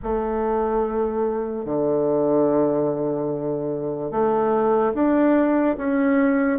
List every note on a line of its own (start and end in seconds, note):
0.02 1.65 A3
1.65 4.11 D3
4.11 4.93 A3
4.94 5.76 D4
5.77 6.59 C#4